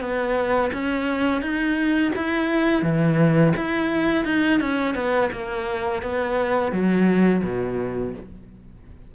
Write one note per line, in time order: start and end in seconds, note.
0.00 0.71 B3
0.73 1.41 C#4
1.41 2.12 D#4
2.16 2.82 E4
2.82 3.53 E3
3.56 4.25 E4
4.25 4.60 D#4
4.60 4.94 C#4
4.94 5.30 B3
5.32 6.02 A#3
6.02 6.72 B3
6.72 7.42 F#3
7.43 8.14 B2